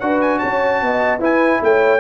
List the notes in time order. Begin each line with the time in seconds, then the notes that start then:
0.00 D4 F#4 B4 F#5
0.21 G#5
0.39 C#4 C#5 A5
0.82 B3 D#5
1.19 E4 B4 G#5
1.62 A3 C#5 G5